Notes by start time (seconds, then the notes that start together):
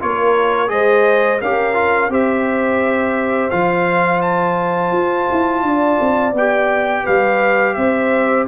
0.00 A#3 F4 A#4 C#5
0.67 G#3 G#4 C5 D#5
1.41 C#4 G4 A#4 F5
1.74 F4
2.09 C4 G4 C5 E5
3.50 F3 F4 F5
4.22 A5
4.92 F4
5.31 E4
5.63 D4 D5
6.00 C4
6.32 B3 G4 G5
7.04 G3 B4 F5
7.74 C4 C5 E5